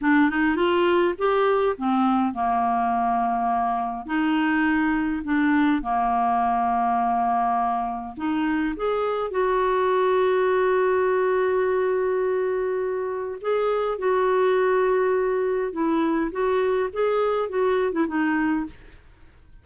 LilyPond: \new Staff \with { instrumentName = "clarinet" } { \time 4/4 \tempo 4 = 103 d'8 dis'8 f'4 g'4 c'4 | ais2. dis'4~ | dis'4 d'4 ais2~ | ais2 dis'4 gis'4 |
fis'1~ | fis'2. gis'4 | fis'2. e'4 | fis'4 gis'4 fis'8. e'16 dis'4 | }